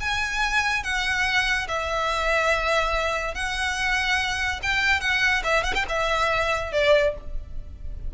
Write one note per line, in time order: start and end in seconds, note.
0.00 0.83 G#5
0.83 1.67 F#5
1.68 3.34 E5
3.34 4.60 F#5
4.62 5.01 G5
5.01 5.43 F#5
5.44 5.63 E5
5.63 5.74 F#5
5.74 5.85 G5
5.88 6.72 E5
6.72 7.14 D5